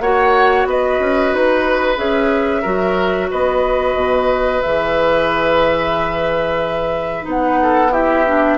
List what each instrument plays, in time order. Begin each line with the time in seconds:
0.00 bassoon A#3, clarinet F#4, oboe C#5, flute F#5
0.66 bassoon B3, oboe B4, flute D#5
1.00 bassoon C#4
1.34 bassoon D#4, flute B4
1.97 bassoon C#4, clarinet G#4, flute E5
2.62 bassoon F#3, clarinet F#4, oboe A#4
3.31 bassoon B3, oboe B4, flute D#5
3.95 bassoon B2
4.62 bassoon E3, clarinet G#4, flute E5
7.23 bassoon B3, clarinet D#4
7.29 flute F#5
7.62 oboe A4
7.92 clarinet E4, oboe G4, flute E5
8.27 clarinet D4